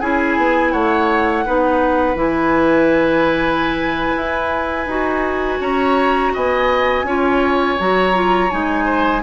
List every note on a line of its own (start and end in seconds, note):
0.00 0.37 C#4
0.00 1.45 E4
0.00 0.72 G#4
0.00 0.72 G#5
0.37 0.73 B3
0.72 1.45 A3
0.72 1.44 C#5
0.72 2.16 F#5
1.45 2.15 B3
1.45 2.15 D#4
1.45 5.60 B4
2.15 4.13 E3
2.15 4.86 E4
2.21 5.61 G#5
4.16 4.86 E4
4.86 5.58 D#4
4.86 7.05 F#4
5.60 6.32 C#4
5.60 6.32 C#5
5.60 6.33 A#5
6.33 7.03 B3
6.33 7.05 D#5
6.33 7.80 G#5
7.03 7.75 C#4
7.03 7.78 F4
7.03 8.84 C#5
7.79 8.52 F#3
7.79 8.13 F#4
7.79 8.50 A#5
8.13 8.49 F4
8.50 9.23 G#3
8.50 9.22 D#4
8.50 9.22 G#5
8.84 9.21 C5